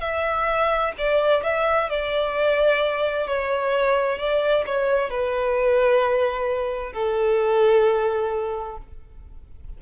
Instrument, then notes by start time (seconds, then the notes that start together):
violin
0.00 E5
0.98 D5
1.43 E5
1.89 D5
3.27 C#5
4.18 D5
4.65 C#5
5.10 B4
6.93 A4